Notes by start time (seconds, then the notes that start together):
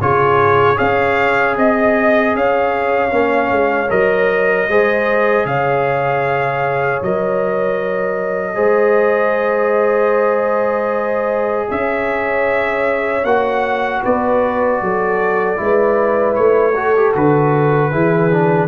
0.00 C#3 F4 G#4 C#5
0.75 C#4 G#4 C#5 F5
1.56 C4 D#5
2.34 C#4 C#5 F5
3.09 A#3 C#4
3.51 G#3
3.89 F#3 A#4 D#5
4.68 G#3 G#4 C5
5.45 C#3 C#5 F5
7.01 F#3 A#4 D#5
8.55 G#3 G#4 C5
11.69 C#4 C#5 E5
13.24 A#3 F#4 F#5
14.02 B3 B4 D5
14.81 F#3 A4
15.56 G#3 E4 B4
16.34 A3 C#5
16.74 F#4 A4
16.96 G4
17.15 D3 F#4 B4
17.90 E3 E4 G#4
18.31 D4